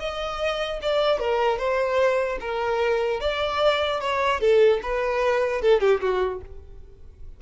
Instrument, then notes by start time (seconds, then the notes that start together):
violin
0.00 D#5
0.82 D5
1.20 A#4
1.59 C5
2.41 A#4
3.21 D5
4.01 C#5
4.41 A4
4.83 B4
5.62 A4
5.81 G4
6.01 F#4